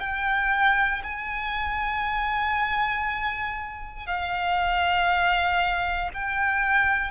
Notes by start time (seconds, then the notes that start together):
0.00 G5
1.03 G#5
4.06 F5
6.13 G5